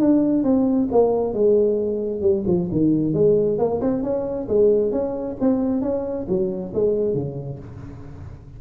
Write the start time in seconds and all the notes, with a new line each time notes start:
0.00 D4
0.44 C4
0.92 A#3
1.34 G#3
2.21 G3
2.47 F3
2.71 D#3
3.14 G#3
3.58 A#3
3.81 C4
4.03 C#4
4.49 G#3
4.92 C#4
5.40 C4
5.81 C#4
6.28 F#3
6.74 G#3
7.14 C#3